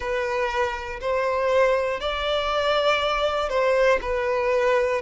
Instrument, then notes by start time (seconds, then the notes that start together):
violin
0.00 B4
1.00 C5
2.00 D5
3.49 C5
4.01 B4